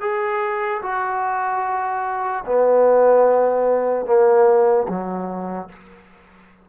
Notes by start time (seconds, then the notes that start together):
0.00 G#4
0.81 F#4
2.45 B3
4.05 A#3
4.88 F#3